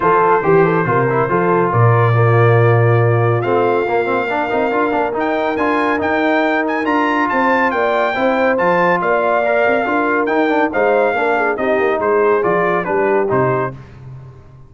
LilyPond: <<
  \new Staff \with { instrumentName = "trumpet" } { \time 4/4 \tempo 4 = 140 c''1 | d''1 | f''1 | g''4 gis''4 g''4. gis''8 |
ais''4 a''4 g''2 | a''4 f''2. | g''4 f''2 dis''4 | c''4 d''4 b'4 c''4 | }
  \new Staff \with { instrumentName = "horn" } { \time 4/4 a'4 g'8 a'8 ais'4 a'4 | ais'4 f'2.~ | f'2 ais'2~ | ais'1~ |
ais'4 c''4 d''4 c''4~ | c''4 d''2 ais'4~ | ais'4 c''4 ais'8 gis'8 g'4 | gis'2 g'2 | }
  \new Staff \with { instrumentName = "trombone" } { \time 4/4 f'4 g'4 f'8 e'8 f'4~ | f'4 ais2. | c'4 ais8 c'8 d'8 dis'8 f'8 d'8 | dis'4 f'4 dis'2 |
f'2. e'4 | f'2 ais'4 f'4 | dis'8 d'8 dis'4 d'4 dis'4~ | dis'4 f'4 d'4 dis'4 | }
  \new Staff \with { instrumentName = "tuba" } { \time 4/4 f4 e4 c4 f4 | ais,1 | a4 ais4. c'8 d'8 ais8 | dis'4 d'4 dis'2 |
d'4 c'4 ais4 c'4 | f4 ais4. c'8 d'4 | dis'4 gis4 ais4 c'8 ais8 | gis4 f4 g4 c4 | }
>>